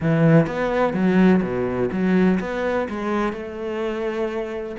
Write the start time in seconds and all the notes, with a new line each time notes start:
0.00 E3
0.47 B3
0.93 F#3
1.42 B2
1.91 F#3
2.40 B3
2.89 G#3
3.32 A3